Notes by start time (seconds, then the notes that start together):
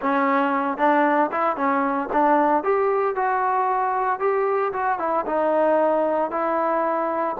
0.01 C#4
0.77 D4
1.31 E4
1.56 C#4
2.12 D4
2.63 G4
3.15 F#4
4.19 G4
4.72 F#4
4.98 E4
5.25 D#4
6.30 E4